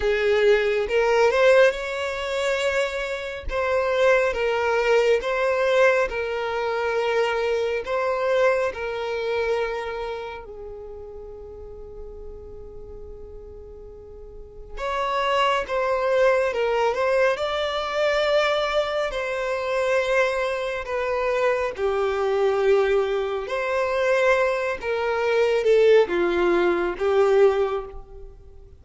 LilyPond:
\new Staff \with { instrumentName = "violin" } { \time 4/4 \tempo 4 = 69 gis'4 ais'8 c''8 cis''2 | c''4 ais'4 c''4 ais'4~ | ais'4 c''4 ais'2 | gis'1~ |
gis'4 cis''4 c''4 ais'8 c''8 | d''2 c''2 | b'4 g'2 c''4~ | c''8 ais'4 a'8 f'4 g'4 | }